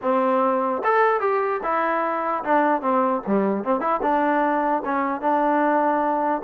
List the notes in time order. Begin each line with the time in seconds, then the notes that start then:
0.01 C4
0.83 A4
1.20 G4
1.63 E4
2.44 D4
2.81 C4
3.26 G3
3.64 C4
3.80 E4
4.02 D4
4.84 C#4
5.21 D4